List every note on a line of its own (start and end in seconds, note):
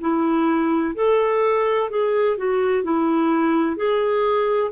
0.00 0.94 E4
0.94 1.90 A4
1.90 2.37 G#4
2.37 2.84 F#4
2.84 3.76 E4
3.76 4.71 G#4